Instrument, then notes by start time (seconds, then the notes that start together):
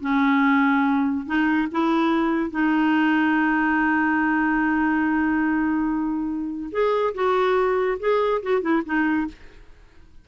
clarinet
0.00 C#4
1.26 D#4
1.71 E4
2.50 D#4
6.71 G#4
7.14 F#4
7.99 G#4
8.42 F#4
8.61 E4
8.85 D#4